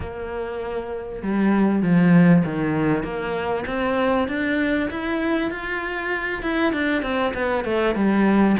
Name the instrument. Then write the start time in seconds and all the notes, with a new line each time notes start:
cello
0.00 A#3
1.22 G3
1.82 F3
2.44 D#3
3.03 A#3
3.66 C4
4.28 D4
4.90 E4
5.50 F4
6.42 E4
6.73 D4
7.02 C4
7.33 B3
7.64 A3
7.95 G3